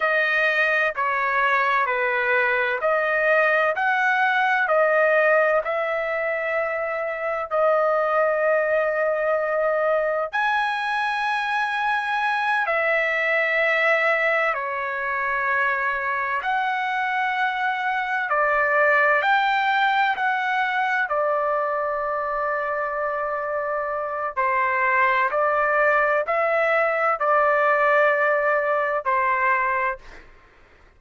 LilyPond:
\new Staff \with { instrumentName = "trumpet" } { \time 4/4 \tempo 4 = 64 dis''4 cis''4 b'4 dis''4 | fis''4 dis''4 e''2 | dis''2. gis''4~ | gis''4. e''2 cis''8~ |
cis''4. fis''2 d''8~ | d''8 g''4 fis''4 d''4.~ | d''2 c''4 d''4 | e''4 d''2 c''4 | }